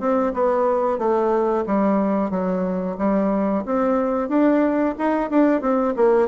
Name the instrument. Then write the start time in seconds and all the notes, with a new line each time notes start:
bassoon
0.00 C4
0.34 B3
0.99 A3
1.66 G3
2.30 F#3
2.98 G3
3.66 C4
4.29 D4
4.99 D#4
5.30 D4
5.61 C4
5.97 A#3